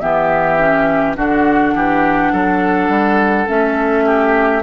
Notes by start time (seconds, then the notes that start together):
0.00 E3 B3 G4 E5
0.59 C#4
1.16 D3 D4 F#4 F#5
1.75 E3 G4
2.32 F#3 A4
2.89 G3
3.47 A3 C#4 E5
4.06 G4